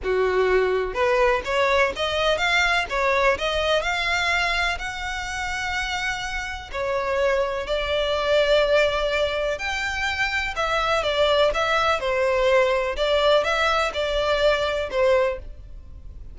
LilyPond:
\new Staff \with { instrumentName = "violin" } { \time 4/4 \tempo 4 = 125 fis'2 b'4 cis''4 | dis''4 f''4 cis''4 dis''4 | f''2 fis''2~ | fis''2 cis''2 |
d''1 | g''2 e''4 d''4 | e''4 c''2 d''4 | e''4 d''2 c''4 | }